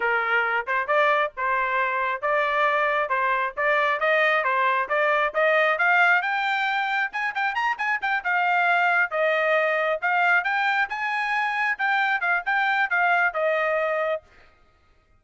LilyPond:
\new Staff \with { instrumentName = "trumpet" } { \time 4/4 \tempo 4 = 135 ais'4. c''8 d''4 c''4~ | c''4 d''2 c''4 | d''4 dis''4 c''4 d''4 | dis''4 f''4 g''2 |
gis''8 g''8 ais''8 gis''8 g''8 f''4.~ | f''8 dis''2 f''4 g''8~ | g''8 gis''2 g''4 f''8 | g''4 f''4 dis''2 | }